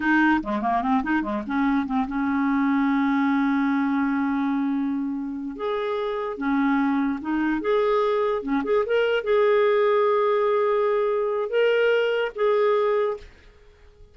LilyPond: \new Staff \with { instrumentName = "clarinet" } { \time 4/4 \tempo 4 = 146 dis'4 gis8 ais8 c'8 dis'8 gis8 cis'8~ | cis'8 c'8 cis'2.~ | cis'1~ | cis'4. gis'2 cis'8~ |
cis'4. dis'4 gis'4.~ | gis'8 cis'8 gis'8 ais'4 gis'4.~ | gis'1 | ais'2 gis'2 | }